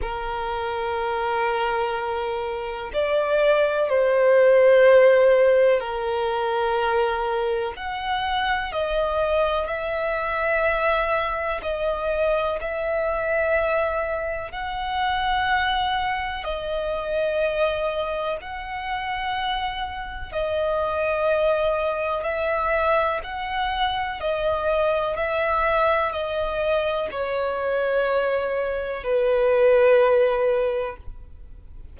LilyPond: \new Staff \with { instrumentName = "violin" } { \time 4/4 \tempo 4 = 62 ais'2. d''4 | c''2 ais'2 | fis''4 dis''4 e''2 | dis''4 e''2 fis''4~ |
fis''4 dis''2 fis''4~ | fis''4 dis''2 e''4 | fis''4 dis''4 e''4 dis''4 | cis''2 b'2 | }